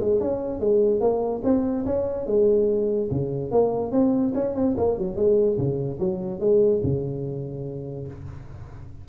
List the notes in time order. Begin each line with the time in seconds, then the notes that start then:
0.00 G#3
0.20 C#4
0.60 G#3
1.00 A#3
1.44 C4
1.85 C#4
2.26 G#3
3.10 C#3
3.51 A#3
3.91 C4
4.34 C#4
4.55 C4
4.77 A#3
4.97 F#3
5.16 G#3
5.57 C#3
5.99 F#3
6.39 G#3
6.83 C#3